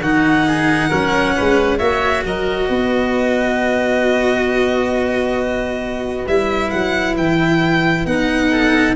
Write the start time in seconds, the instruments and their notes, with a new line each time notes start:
0.00 tuba D#3, cello D#4, oboe F#4, violin F#5
0.47 oboe G#4
0.89 tuba F#3, cello C#4, oboe A#4
1.36 tuba G#3, oboe B4
1.78 tuba A#3, cello F#4, oboe C#5, violin E5
2.24 tuba F#3, oboe A#4, violin D#5
2.69 tuba B3, oboe B4
6.27 tuba G3, cello E4, violin E5
6.71 tuba F#3, violin F#5
7.17 tuba E3, violin G5
8.06 tuba B3, cello D#4, violin F#5
8.51 oboe A4